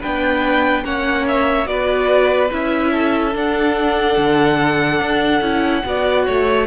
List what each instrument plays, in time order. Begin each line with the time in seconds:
0.00 cello B3, viola D4, violin B4 G5
0.84 cello A#3, viola C#4, violin C#5 F#5
1.28 violin E5
1.66 cello B3, viola F#4, violin B4 D5
2.51 cello C#4, viola E4, violin E5
2.91 violin A4
3.34 viola D4, cello D4, violin F#5
4.18 cello D3
5.01 cello D4
5.41 cello C#4, viola E4
5.85 cello B3, viola F#4, violin D5
6.25 cello A3, violin C#5